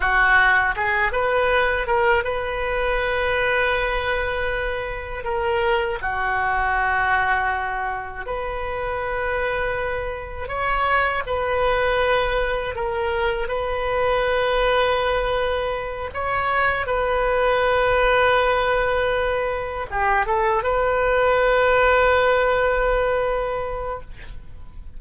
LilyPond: \new Staff \with { instrumentName = "oboe" } { \time 4/4 \tempo 4 = 80 fis'4 gis'8 b'4 ais'8 b'4~ | b'2. ais'4 | fis'2. b'4~ | b'2 cis''4 b'4~ |
b'4 ais'4 b'2~ | b'4. cis''4 b'4.~ | b'2~ b'8 g'8 a'8 b'8~ | b'1 | }